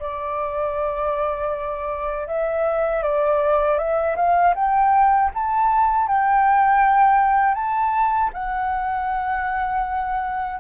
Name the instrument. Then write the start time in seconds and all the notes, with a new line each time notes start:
flute
0.00 D5
2.27 E5
3.03 D5
3.78 E5
4.16 F5
4.55 G5
5.34 A5
6.08 G5
7.55 A5
8.33 F#5